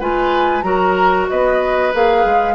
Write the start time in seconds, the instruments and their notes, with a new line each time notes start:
0.00 bassoon G#3, clarinet F4, oboe B4, flute G#5
0.62 bassoon F#3, clarinet F#4, oboe A#4, flute A#5
1.29 bassoon B3, oboe B4, flute D#5
1.94 bassoon A#3, clarinet G#4, flute F5
2.25 bassoon G#3